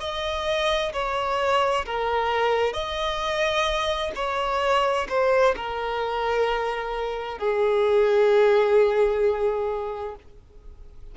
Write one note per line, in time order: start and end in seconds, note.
0.00 0.92 D#5
0.93 1.85 C#5
1.85 2.73 A#4
2.73 4.12 D#5
4.15 5.07 C#5
5.09 5.55 C5
5.56 7.38 A#4
7.38 10.15 G#4